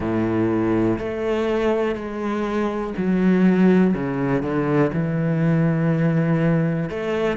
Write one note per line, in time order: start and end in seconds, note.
0.00 0.98 A2
0.98 1.95 A3
1.95 2.93 G#3
2.97 3.93 F#3
3.93 4.42 C#3
4.42 4.91 D3
4.92 6.89 E3
6.89 7.37 A3